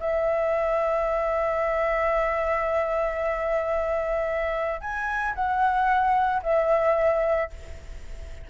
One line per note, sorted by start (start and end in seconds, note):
0.00 4.81 E5
4.81 5.34 G#5
5.35 6.42 F#5
6.43 7.50 E5